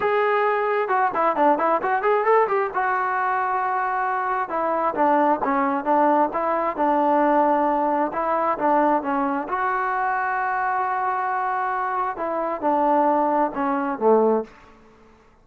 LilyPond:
\new Staff \with { instrumentName = "trombone" } { \time 4/4 \tempo 4 = 133 gis'2 fis'8 e'8 d'8 e'8 | fis'8 gis'8 a'8 g'8 fis'2~ | fis'2 e'4 d'4 | cis'4 d'4 e'4 d'4~ |
d'2 e'4 d'4 | cis'4 fis'2.~ | fis'2. e'4 | d'2 cis'4 a4 | }